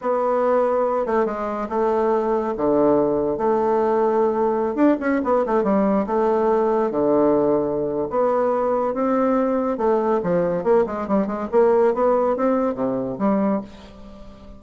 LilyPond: \new Staff \with { instrumentName = "bassoon" } { \time 4/4 \tempo 4 = 141 b2~ b8 a8 gis4 | a2 d2 | a2.~ a16 d'8 cis'16~ | cis'16 b8 a8 g4 a4.~ a16~ |
a16 d2~ d8. b4~ | b4 c'2 a4 | f4 ais8 gis8 g8 gis8 ais4 | b4 c'4 c4 g4 | }